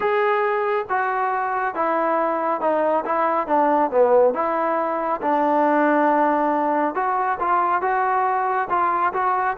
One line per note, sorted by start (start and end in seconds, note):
0.00 0.86 G#4
0.89 1.74 F#4
1.74 2.60 E4
2.60 3.04 D#4
3.05 3.47 E4
3.47 3.90 D4
3.91 4.33 B3
4.33 5.20 E4
5.21 6.94 D4
6.94 7.38 F#4
7.39 7.81 F4
7.81 8.68 F#4
8.69 9.13 F4
9.13 9.56 F#4